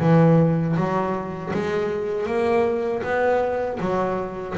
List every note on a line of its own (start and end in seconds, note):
0.00 0.76 E3
0.77 1.53 F#3
1.54 2.27 G#3
2.27 3.03 A#3
3.03 3.79 B3
3.81 4.57 F#3